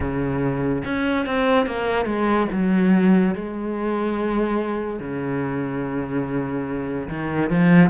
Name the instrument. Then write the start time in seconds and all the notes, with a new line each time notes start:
cello
0.00 C#3
0.84 C#4
1.25 C4
1.66 A#3
2.05 G#3
2.52 F#3
3.34 G#3
4.99 C#3
7.08 D#3
7.50 F3